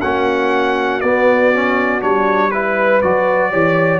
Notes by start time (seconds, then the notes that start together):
0.00 A#3 C#4 F#4 F#5
1.01 B3 D5
1.54 C#4
2.01 G3 D4 C#5
2.51 E4 B4
3.02 F#3 F#4 D5
3.51 E3 G4 C#5